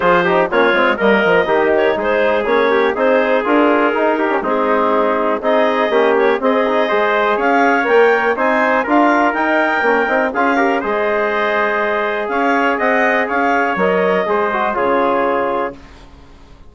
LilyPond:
<<
  \new Staff \with { instrumentName = "clarinet" } { \time 4/4 \tempo 4 = 122 c''4 cis''4 dis''4. cis''8 | c''4 cis''4 c''4 ais'4~ | ais'4 gis'2 dis''4~ | dis''8 cis''8 dis''2 f''4 |
g''4 gis''4 f''4 g''4~ | g''4 f''4 dis''2~ | dis''4 f''4 fis''4 f''4 | dis''2 cis''2 | }
  \new Staff \with { instrumentName = "trumpet" } { \time 4/4 gis'8 g'8 f'4 ais'4 g'4 | gis'4. g'8 gis'2~ | gis'8 g'8 dis'2 gis'4 | g'4 gis'4 c''4 cis''4~ |
cis''4 c''4 ais'2~ | ais'4 gis'8 ais'8 c''2~ | c''4 cis''4 dis''4 cis''4~ | cis''4 c''4 gis'2 | }
  \new Staff \with { instrumentName = "trombone" } { \time 4/4 f'8 dis'8 cis'8 c'8 ais4 dis'4~ | dis'4 cis'4 dis'4 f'4 | dis'8. cis'16 c'2 dis'4 | cis'4 c'8 dis'8 gis'2 |
ais'4 dis'4 f'4 dis'4 | cis'8 dis'8 f'8 g'8 gis'2~ | gis'1 | ais'4 gis'8 fis'8 f'2 | }
  \new Staff \with { instrumentName = "bassoon" } { \time 4/4 f4 ais8 gis8 g8 f8 dis4 | gis4 ais4 c'4 d'4 | dis'4 gis2 c'4 | ais4 c'4 gis4 cis'4 |
ais4 c'4 d'4 dis'4 | ais8 c'8 cis'4 gis2~ | gis4 cis'4 c'4 cis'4 | fis4 gis4 cis2 | }
>>